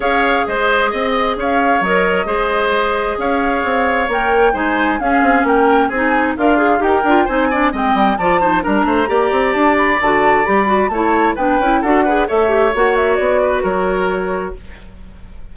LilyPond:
<<
  \new Staff \with { instrumentName = "flute" } { \time 4/4 \tempo 4 = 132 f''4 dis''2 f''4 | dis''2. f''4~ | f''4 g''4 gis''4 f''4 | g''4 gis''4 f''4 g''4 |
gis''4 g''4 a''4 ais''4~ | ais''4 a''8 b''8 a''4 b''4 | a''4 g''4 fis''4 e''4 | fis''8 e''8 d''4 cis''2 | }
  \new Staff \with { instrumentName = "oboe" } { \time 4/4 cis''4 c''4 dis''4 cis''4~ | cis''4 c''2 cis''4~ | cis''2 c''4 gis'4 | ais'4 gis'4 f'4 ais'4 |
c''8 d''8 dis''4 d''8 c''8 ais'8 c''8 | d''1 | cis''4 b'4 a'8 b'8 cis''4~ | cis''4. b'8 ais'2 | }
  \new Staff \with { instrumentName = "clarinet" } { \time 4/4 gis'1 | ais'4 gis'2.~ | gis'4 ais'4 dis'4 cis'4~ | cis'4 dis'4 ais'8 gis'8 g'8 f'8 |
dis'8 d'8 c'4 f'8 dis'8 d'4 | g'2 fis'4 g'8 fis'8 | e'4 d'8 e'8 fis'8 gis'8 a'8 g'8 | fis'1 | }
  \new Staff \with { instrumentName = "bassoon" } { \time 4/4 cis'4 gis4 c'4 cis'4 | fis4 gis2 cis'4 | c'4 ais4 gis4 cis'8 c'8 | ais4 c'4 d'4 dis'8 d'8 |
c'4 gis8 g8 f4 g8 a8 | ais8 c'8 d'4 d4 g4 | a4 b8 cis'8 d'4 a4 | ais4 b4 fis2 | }
>>